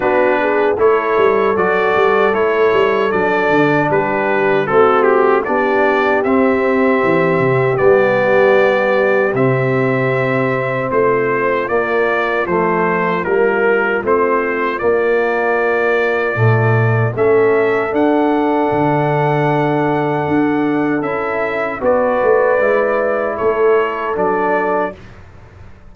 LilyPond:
<<
  \new Staff \with { instrumentName = "trumpet" } { \time 4/4 \tempo 4 = 77 b'4 cis''4 d''4 cis''4 | d''4 b'4 a'8 g'8 d''4 | e''2 d''2 | e''2 c''4 d''4 |
c''4 ais'4 c''4 d''4~ | d''2 e''4 fis''4~ | fis''2. e''4 | d''2 cis''4 d''4 | }
  \new Staff \with { instrumentName = "horn" } { \time 4/4 fis'8 gis'8 a'2.~ | a'4 g'4 fis'4 g'4~ | g'1~ | g'2 f'2~ |
f'1~ | f'2 a'2~ | a'1 | b'2 a'2 | }
  \new Staff \with { instrumentName = "trombone" } { \time 4/4 d'4 e'4 fis'4 e'4 | d'2 c'4 d'4 | c'2 b2 | c'2. ais4 |
a4 ais4 c'4 ais4~ | ais4 a4 cis'4 d'4~ | d'2. e'4 | fis'4 e'2 d'4 | }
  \new Staff \with { instrumentName = "tuba" } { \time 4/4 b4 a8 g8 fis8 g8 a8 g8 | fis8 d8 g4 a4 b4 | c'4 e8 c8 g2 | c2 a4 ais4 |
f4 g4 a4 ais4~ | ais4 ais,4 a4 d'4 | d2 d'4 cis'4 | b8 a8 gis4 a4 fis4 | }
>>